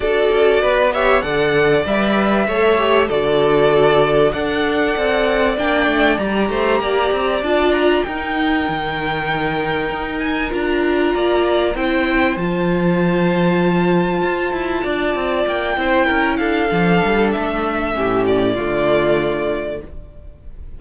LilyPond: <<
  \new Staff \with { instrumentName = "violin" } { \time 4/4 \tempo 4 = 97 d''4. e''8 fis''4 e''4~ | e''4 d''2 fis''4~ | fis''4 g''4 ais''2 | a''8 ais''8 g''2.~ |
g''8 gis''8 ais''2 g''4 | a''1~ | a''4 g''4. f''4. | e''4. d''2~ d''8 | }
  \new Staff \with { instrumentName = "violin" } { \time 4/4 a'4 b'8 cis''8 d''2 | cis''4 a'2 d''4~ | d''2~ d''8 c''8 d''4~ | d''4 ais'2.~ |
ais'2 d''4 c''4~ | c''1 | d''4. c''8 ais'8 a'4.~ | a'4 g'4 f'2 | }
  \new Staff \with { instrumentName = "viola" } { \time 4/4 fis'4. g'8 a'4 b'4 | a'8 g'8 fis'2 a'4~ | a'4 d'4 g'2 | f'4 dis'2.~ |
dis'4 f'2 e'4 | f'1~ | f'4. e'4. d'4~ | d'4 cis'4 a2 | }
  \new Staff \with { instrumentName = "cello" } { \time 4/4 d'8 cis'8 b4 d4 g4 | a4 d2 d'4 | c'4 ais8 a8 g8 a8 ais8 c'8 | d'4 dis'4 dis2 |
dis'4 d'4 ais4 c'4 | f2. f'8 e'8 | d'8 c'8 ais8 c'8 cis'8 d'8 f8 g8 | a4 a,4 d2 | }
>>